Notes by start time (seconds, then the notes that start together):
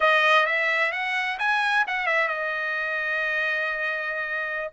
0.00 D#5
0.46 E5
0.92 F#5
1.38 G#5
1.87 F#5
2.06 E5
2.28 D#5